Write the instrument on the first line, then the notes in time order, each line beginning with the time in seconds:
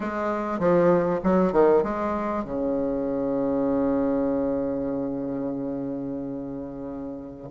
bassoon
0.00 G#3
0.59 F3
1.23 F#3
1.52 D#3
1.83 G#3
2.44 C#3